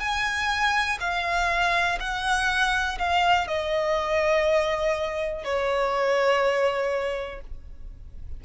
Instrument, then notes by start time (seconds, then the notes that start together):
violin
0.00 G#5
1.00 F5
2.00 F#5
2.99 F5
3.47 D#5
5.44 C#5